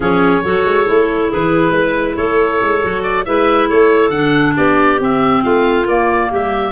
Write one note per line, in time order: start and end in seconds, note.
0.00 0.41 F3
0.00 0.42 C#4
0.00 0.42 G#4
0.00 1.32 C#5
0.42 0.65 F#3
0.42 0.85 F#4
0.42 1.29 A4
0.65 0.87 G#3
0.85 1.32 A3
0.85 2.81 E4
1.29 1.71 E3
1.29 1.72 G#4
1.29 2.16 B4
1.71 2.14 G#3
1.71 2.15 B4
2.16 2.60 A3
2.16 3.25 A4
2.16 3.02 C#5
2.61 2.83 G#3
2.82 3.27 F#3
2.82 3.25 F#4
3.02 3.24 D5
3.25 3.70 G#3
3.25 4.12 E4
3.25 3.68 B4
3.25 3.68 E5
3.68 4.09 A3
3.68 4.55 A4
3.68 4.10 C#5
4.09 4.53 D3
4.09 4.99 D4
4.09 4.53 F#5
4.56 4.99 B3
4.56 5.43 G4
4.56 5.00 D5
4.99 5.86 C4
4.99 5.43 C4
4.99 5.43 E5
5.43 5.85 A3
5.43 6.29 F4
5.43 5.87 F5
5.85 6.29 A#3
5.85 6.71 A#3
5.85 6.31 D5
6.29 6.71 G3
6.29 6.71 G4
6.29 6.71 E5